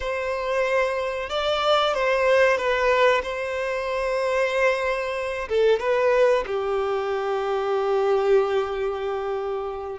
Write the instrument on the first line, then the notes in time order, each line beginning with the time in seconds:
violin
0.00 C5
1.29 D5
1.94 C5
2.57 B4
3.22 C5
5.48 A4
5.79 B4
6.46 G4